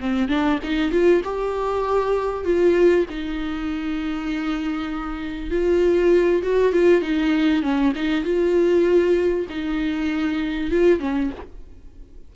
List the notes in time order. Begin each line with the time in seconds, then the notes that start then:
0.00 C4
0.29 D4
0.63 D#4
0.91 F4
1.24 G4
2.45 F4
3.10 D#4
5.50 F4
6.43 F#4
6.73 F4
7.02 D#4
7.63 C#4
7.96 D#4
8.24 F4
9.49 D#4
10.71 F4
11.00 C#4